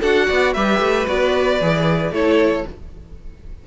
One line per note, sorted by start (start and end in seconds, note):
0.00 0.29 D4
0.00 0.56 F#4
0.00 0.27 A4
0.00 0.54 F#5
0.27 0.56 B3
0.27 0.53 D5
0.53 0.80 G3
0.53 1.06 G4
0.53 2.13 B4
0.53 1.07 E5
0.80 1.07 A3
1.06 1.61 B3
1.06 1.59 F#4
1.06 2.14 D5
1.61 2.11 E3
1.61 2.13 G#4
2.11 2.64 A3
2.11 2.66 E4
2.11 2.67 A4
2.11 2.67 C#5